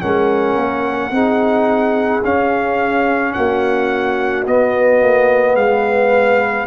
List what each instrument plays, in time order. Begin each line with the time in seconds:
0.00 tuba G#3, trombone C#4, horn A#4, trumpet F#5
0.56 tuba A#3
1.11 tuba C4, trombone D#4, horn G#4
2.24 tuba C#4, trombone C#4, trumpet F5
3.33 tuba A#3, horn F#4, trumpet F#5
4.46 tuba B3, trombone B3, trumpet D#5
5.02 tuba A#3
5.55 tuba G#3, horn B4, trumpet F5